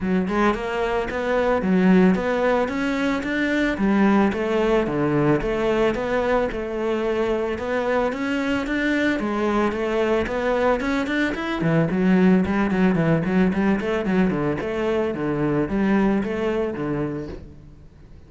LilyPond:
\new Staff \with { instrumentName = "cello" } { \time 4/4 \tempo 4 = 111 fis8 gis8 ais4 b4 fis4 | b4 cis'4 d'4 g4 | a4 d4 a4 b4 | a2 b4 cis'4 |
d'4 gis4 a4 b4 | cis'8 d'8 e'8 e8 fis4 g8 fis8 | e8 fis8 g8 a8 fis8 d8 a4 | d4 g4 a4 d4 | }